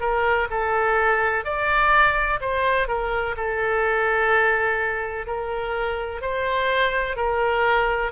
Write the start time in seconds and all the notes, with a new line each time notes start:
0.00 A#4
0.50 A4
1.44 D5
2.40 C5
2.87 A#4
3.36 A4
5.26 A#4
6.21 C5
7.16 A#4